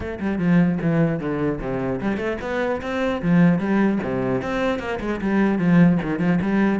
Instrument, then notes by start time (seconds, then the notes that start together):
cello
0.00 A3
0.20 G3
0.38 F3
0.81 E3
1.19 D3
1.60 C3
2.01 G3
2.17 A3
2.41 B3
2.81 C4
3.21 F3
3.58 G3
4.03 C3
4.41 C4
4.79 A#3
5.00 G#3
5.21 G3
5.58 F3
6.02 D#3
6.19 F3
6.41 G3